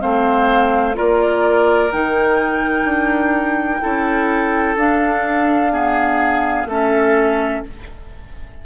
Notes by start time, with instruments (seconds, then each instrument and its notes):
0.00 bassoon A3, clarinet C4, oboe C5, flute F5
0.94 bassoon A#3, clarinet F4, oboe A#4, flute D5
1.92 bassoon D#3, clarinet D#4, flute G5
2.84 bassoon D4
3.80 bassoon C#4, clarinet E4, oboe A4
4.76 bassoon D4, clarinet D4, flute F5
5.72 clarinet B3, oboe G#4
6.65 bassoon A3, clarinet C#4, oboe A4, flute E5